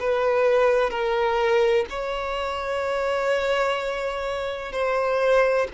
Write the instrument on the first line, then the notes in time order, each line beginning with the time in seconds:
violin
0.00 B4
0.90 A#4
1.90 C#5
4.72 C5